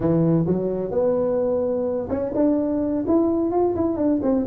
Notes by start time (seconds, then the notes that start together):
0.00 E3
0.46 F#3
0.91 B3
2.09 C#4
2.34 D4
3.07 E4
3.51 F4
3.75 E4
3.97 D4
4.22 C4